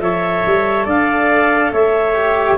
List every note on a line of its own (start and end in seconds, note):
0.00 0.43 F3
0.00 2.14 A4
0.00 0.85 C#5
0.00 0.86 E5
0.46 0.86 G3
0.85 1.72 D4
0.85 1.71 D5
0.85 1.73 F5
1.72 2.58 A3
1.72 2.58 C#5
1.72 2.58 E5
2.15 2.57 G4